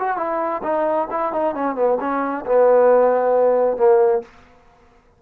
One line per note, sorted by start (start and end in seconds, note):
0.00 0.17 F#4
0.17 0.62 E4
0.64 1.08 D#4
1.11 1.33 E4
1.33 1.55 D#4
1.55 1.76 C#4
1.76 1.98 B3
2.01 2.45 C#4
2.46 3.78 B3
3.78 4.22 A#3